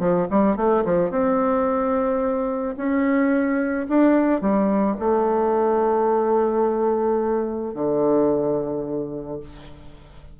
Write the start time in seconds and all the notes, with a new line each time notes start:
0.00 F3
0.31 G3
0.57 A3
0.85 F3
1.11 C4
2.77 C#4
3.89 D4
4.41 G3
4.99 A3
7.75 D3